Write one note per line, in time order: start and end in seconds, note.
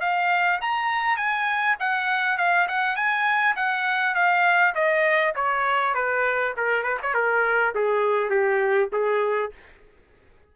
0.00 0.59 F5
0.61 1.16 A#5
1.16 1.76 G#5
1.79 2.37 F#5
2.37 2.67 F5
2.68 2.95 F#5
2.95 3.55 G#5
3.55 4.14 F#5
4.14 4.74 F5
4.74 5.34 D#5
5.35 5.94 C#5
5.94 6.53 B4
6.56 6.83 A#4
6.83 6.98 B4
7.02 7.14 C#5
7.14 7.73 A#4
7.74 8.30 G#4
8.30 8.89 G4
8.92 9.51 G#4